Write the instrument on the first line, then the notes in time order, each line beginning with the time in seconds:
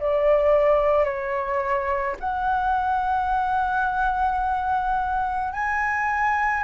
flute
0.00 D5
1.05 C#5
2.20 F#5
5.53 G#5